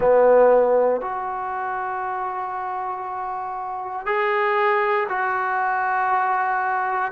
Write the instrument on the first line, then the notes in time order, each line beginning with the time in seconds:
trombone
0.00 B3
1.01 F#4
4.05 G#4
5.08 F#4